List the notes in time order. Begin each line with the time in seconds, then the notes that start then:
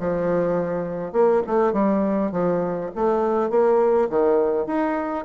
0.00 F3
1.13 A#3
1.47 A3
1.73 G3
2.32 F3
2.95 A3
3.50 A#3
4.10 D#3
4.67 D#4